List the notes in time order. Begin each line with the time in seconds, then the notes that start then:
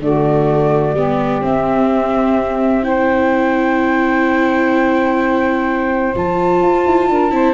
0.00 D3 A3 F#4 D5
0.94 G3 B3 G4
1.42 C4 E5
2.84 E4 C5 G5
6.15 F3 F4 A5
6.62 F4
6.86 E4
7.10 D4 A#4
7.32 C4 E4 C5